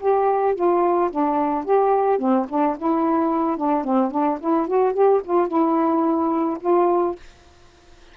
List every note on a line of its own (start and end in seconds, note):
0.00 0.55 G4
0.55 1.10 F4
1.11 1.65 D4
1.65 2.19 G4
2.19 2.46 C4
2.49 2.76 D4
2.78 3.57 E4
3.57 3.84 D4
3.84 4.11 C4
4.11 4.38 D4
4.40 4.67 E4
4.67 4.93 F#4
4.93 5.21 G4
5.24 5.48 F4
5.48 6.58 E4
6.60 7.15 F4